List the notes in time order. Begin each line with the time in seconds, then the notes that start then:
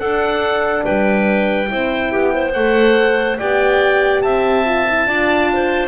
0.00 D4 A4 F#5
0.84 G3 B4 G5
1.67 C4 E4 C5
2.12 B3 G4
2.34 C5
2.53 A3 A4 F#5
3.39 B3 G4 D5 G5
4.22 C4 E5 A5
4.65 F4
4.88 E4
5.06 D4 F4 D5
5.53 C5